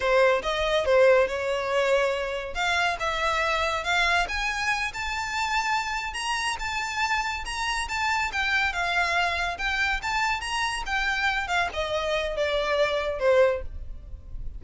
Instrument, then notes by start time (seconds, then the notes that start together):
violin
0.00 C5
0.42 D#5
0.85 C5
1.27 C#5
2.54 F5
2.99 E5
3.84 F5
4.28 G#5
4.93 A5
6.13 A#5
6.59 A5
7.45 A#5
7.88 A5
8.32 G5
8.72 F5
9.58 G5
10.02 A5
10.40 A#5
10.86 G5
11.47 F5
11.73 D#5
12.36 D5
13.19 C5